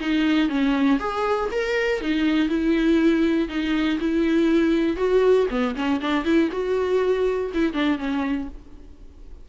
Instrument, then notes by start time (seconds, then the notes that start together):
viola
0.00 D#4
0.49 C#4
1.00 G#4
1.52 A#4
2.01 D#4
2.49 E4
3.49 D#4
4.00 E4
4.97 F#4
5.50 B3
5.75 C#4
6.01 D4
6.25 E4
6.52 F#4
7.54 E4
7.74 D4
7.98 C#4